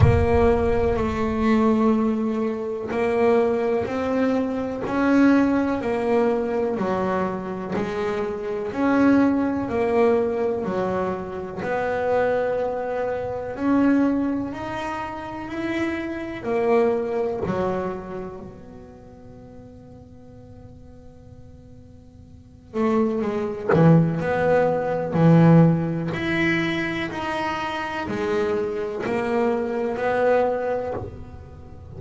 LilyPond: \new Staff \with { instrumentName = "double bass" } { \time 4/4 \tempo 4 = 62 ais4 a2 ais4 | c'4 cis'4 ais4 fis4 | gis4 cis'4 ais4 fis4 | b2 cis'4 dis'4 |
e'4 ais4 fis4 b4~ | b2.~ b8 a8 | gis8 e8 b4 e4 e'4 | dis'4 gis4 ais4 b4 | }